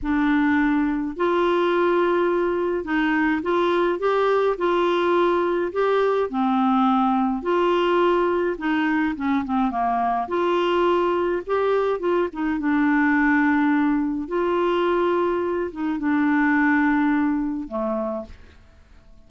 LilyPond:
\new Staff \with { instrumentName = "clarinet" } { \time 4/4 \tempo 4 = 105 d'2 f'2~ | f'4 dis'4 f'4 g'4 | f'2 g'4 c'4~ | c'4 f'2 dis'4 |
cis'8 c'8 ais4 f'2 | g'4 f'8 dis'8 d'2~ | d'4 f'2~ f'8 dis'8 | d'2. a4 | }